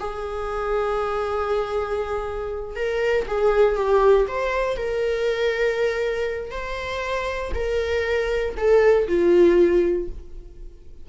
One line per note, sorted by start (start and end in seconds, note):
0.00 2.76 G#4
2.76 3.27 A#4
3.28 3.76 G#4
3.76 4.27 G4
4.28 4.77 C5
4.77 6.51 A#4
6.51 7.52 C5
7.55 8.56 A#4
8.58 9.08 A4
9.08 10.09 F4